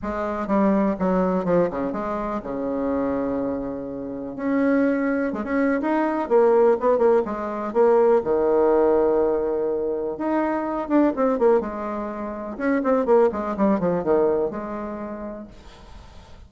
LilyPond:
\new Staff \with { instrumentName = "bassoon" } { \time 4/4 \tempo 4 = 124 gis4 g4 fis4 f8 cis8 | gis4 cis2.~ | cis4 cis'2 gis16 cis'8. | dis'4 ais4 b8 ais8 gis4 |
ais4 dis2.~ | dis4 dis'4. d'8 c'8 ais8 | gis2 cis'8 c'8 ais8 gis8 | g8 f8 dis4 gis2 | }